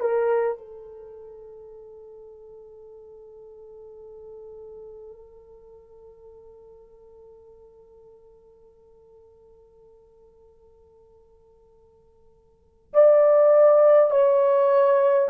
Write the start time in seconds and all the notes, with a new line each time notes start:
0.00 A#4
0.58 A4
12.93 D5
14.11 C#5